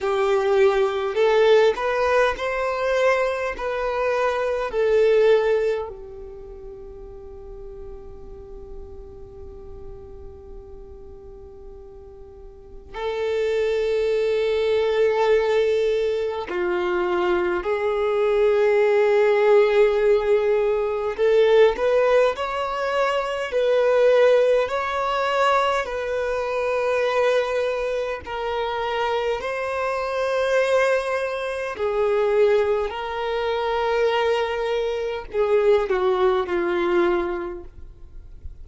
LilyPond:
\new Staff \with { instrumentName = "violin" } { \time 4/4 \tempo 4 = 51 g'4 a'8 b'8 c''4 b'4 | a'4 g'2.~ | g'2. a'4~ | a'2 f'4 gis'4~ |
gis'2 a'8 b'8 cis''4 | b'4 cis''4 b'2 | ais'4 c''2 gis'4 | ais'2 gis'8 fis'8 f'4 | }